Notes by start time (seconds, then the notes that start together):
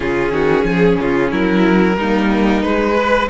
0.00 C#3 C#4 F4 G#4
0.30 D#3 F#4
0.63 F3 G#4
1.01 C#3 F4
1.31 F#3 E4 A#4
1.96 G3 A#3 D#4
2.62 G#3 B4
2.95 B4